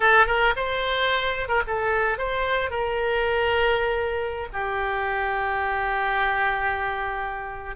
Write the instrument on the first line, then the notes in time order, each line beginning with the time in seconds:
oboe
0.00 A4
0.26 A#4
0.56 C5
1.48 A#4
1.67 A4
2.18 C5
2.70 A#4
4.52 G4